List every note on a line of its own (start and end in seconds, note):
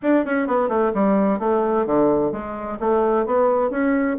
0.02 0.25 D4
0.25 0.47 C#4
0.47 0.68 B3
0.68 0.92 A3
0.94 1.39 G3
1.39 1.85 A3
1.86 2.32 D3
2.32 2.78 G#3
2.79 3.26 A3
3.26 3.70 B3
3.70 4.17 C#4